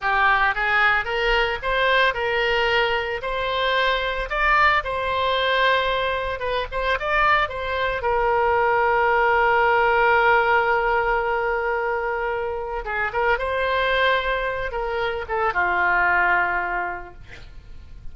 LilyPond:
\new Staff \with { instrumentName = "oboe" } { \time 4/4 \tempo 4 = 112 g'4 gis'4 ais'4 c''4 | ais'2 c''2 | d''4 c''2. | b'8 c''8 d''4 c''4 ais'4~ |
ais'1~ | ais'1 | gis'8 ais'8 c''2~ c''8 ais'8~ | ais'8 a'8 f'2. | }